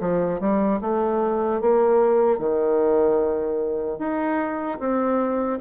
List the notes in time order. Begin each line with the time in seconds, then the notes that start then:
0.00 F3
0.40 G3
0.81 A3
1.61 A#3
2.39 D#3
3.98 D#4
4.79 C4